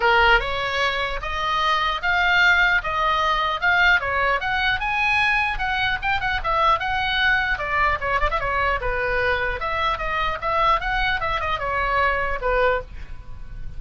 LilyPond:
\new Staff \with { instrumentName = "oboe" } { \time 4/4 \tempo 4 = 150 ais'4 cis''2 dis''4~ | dis''4 f''2 dis''4~ | dis''4 f''4 cis''4 fis''4 | gis''2 fis''4 g''8 fis''8 |
e''4 fis''2 d''4 | cis''8 d''16 e''16 cis''4 b'2 | e''4 dis''4 e''4 fis''4 | e''8 dis''8 cis''2 b'4 | }